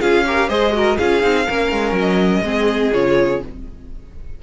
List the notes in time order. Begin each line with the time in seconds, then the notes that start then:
0.00 C#4 F4 G#4 F5
0.26 G4 A#4
0.49 G#3 G#4 C5 D#5
0.73 F#4 A#4
0.98 C#4 F4 G#4 F5
1.21 C4 D#4
1.46 A#3 C#4 A#4
1.72 G#3
1.92 F#3
1.99 D#5
2.42 G#3 C4 G#4
2.93 C#3 F4 C#5